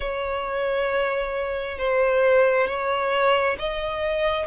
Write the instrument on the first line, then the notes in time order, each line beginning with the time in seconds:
violin
0.00 C#5
1.78 C5
2.67 C#5
3.58 D#5